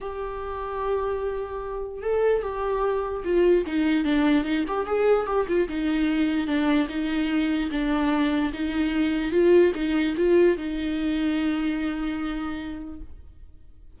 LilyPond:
\new Staff \with { instrumentName = "viola" } { \time 4/4 \tempo 4 = 148 g'1~ | g'4 a'4 g'2 | f'4 dis'4 d'4 dis'8 g'8 | gis'4 g'8 f'8 dis'2 |
d'4 dis'2 d'4~ | d'4 dis'2 f'4 | dis'4 f'4 dis'2~ | dis'1 | }